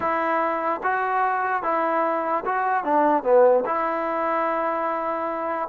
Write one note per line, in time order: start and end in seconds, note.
0.00 0.81 E4
0.83 1.62 F#4
1.62 2.43 E4
2.45 2.84 F#4
2.84 3.23 D4
3.23 3.63 B3
3.65 5.68 E4